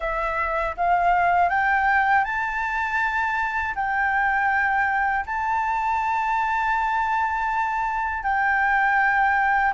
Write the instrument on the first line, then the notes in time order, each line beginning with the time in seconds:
flute
0.00 E5
0.76 F5
1.49 G5
2.24 A5
3.75 G5
5.25 A5
8.23 G5